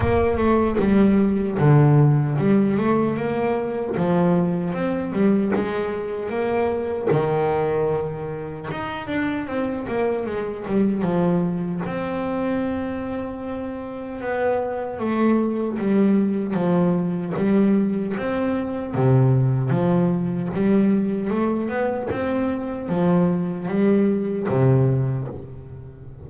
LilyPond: \new Staff \with { instrumentName = "double bass" } { \time 4/4 \tempo 4 = 76 ais8 a8 g4 d4 g8 a8 | ais4 f4 c'8 g8 gis4 | ais4 dis2 dis'8 d'8 | c'8 ais8 gis8 g8 f4 c'4~ |
c'2 b4 a4 | g4 f4 g4 c'4 | c4 f4 g4 a8 b8 | c'4 f4 g4 c4 | }